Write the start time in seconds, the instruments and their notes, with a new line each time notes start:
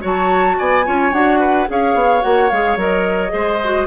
0.00 bassoon F#3, clarinet F#4, oboe C#5, flute A5
0.58 bassoon B3, oboe D5, flute G#5
0.85 bassoon C#4, clarinet F4, oboe C#5
1.12 bassoon D4, clarinet F#4, flute F#5
1.39 oboe B4
1.67 bassoon C#4, clarinet G#4, oboe C#5, flute F5
1.94 bassoon B3
2.21 bassoon A#3, clarinet F#4, flute F#5
2.50 bassoon G#3, clarinet G#4, flute F5
2.76 bassoon F#3, clarinet A#4, flute D#5
3.29 bassoon G#3, clarinet G#4, oboe C5
3.64 clarinet F#4